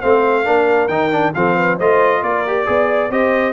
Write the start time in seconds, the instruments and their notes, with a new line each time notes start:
0.00 tuba A3, trombone C4, horn C5, trumpet F5
0.44 tuba A#3, trombone D4, horn A#4
0.87 tuba D#3, trombone D#4, trumpet G5
1.11 trombone D4
1.34 tuba F3, trombone C4, horn A4, trumpet F5
1.55 horn B4
1.77 tuba A3, trombone F4, horn C5, trumpet D#5
2.22 tuba A#3, horn A#4, trumpet D5
2.47 trombone G4
2.66 tuba B3, trombone G#4, horn D5
3.10 tuba C4, trombone G4, horn C5, trumpet D#5